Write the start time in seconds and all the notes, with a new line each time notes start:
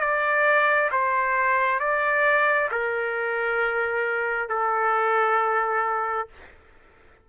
0.00 D5
0.91 C5
1.80 D5
2.71 A#4
4.49 A4